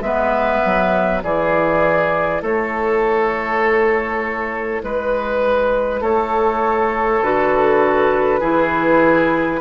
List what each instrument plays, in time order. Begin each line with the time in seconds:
0.00 bassoon G#3, clarinet B3, oboe B4, flute E5
0.65 bassoon F#3
1.22 bassoon E3, clarinet E4, oboe G#4, flute D5
2.42 bassoon A3, oboe A4, flute C#5
4.83 bassoon G#3, flute B4, oboe B4
6.00 bassoon A3, oboe A4, flute C#5
7.21 bassoon D3, clarinet F#4, flute B4
8.39 bassoon E3, clarinet E4, oboe G#4